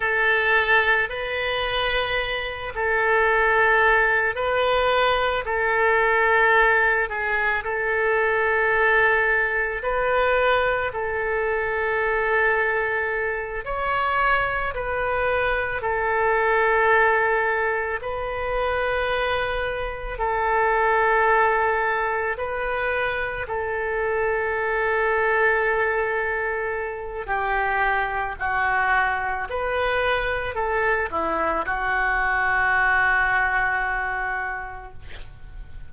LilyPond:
\new Staff \with { instrumentName = "oboe" } { \time 4/4 \tempo 4 = 55 a'4 b'4. a'4. | b'4 a'4. gis'8 a'4~ | a'4 b'4 a'2~ | a'8 cis''4 b'4 a'4.~ |
a'8 b'2 a'4.~ | a'8 b'4 a'2~ a'8~ | a'4 g'4 fis'4 b'4 | a'8 e'8 fis'2. | }